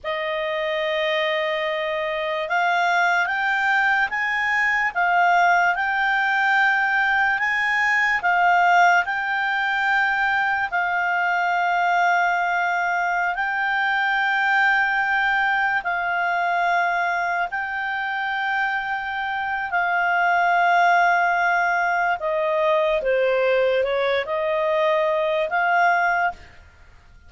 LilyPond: \new Staff \with { instrumentName = "clarinet" } { \time 4/4 \tempo 4 = 73 dis''2. f''4 | g''4 gis''4 f''4 g''4~ | g''4 gis''4 f''4 g''4~ | g''4 f''2.~ |
f''16 g''2. f''8.~ | f''4~ f''16 g''2~ g''8. | f''2. dis''4 | c''4 cis''8 dis''4. f''4 | }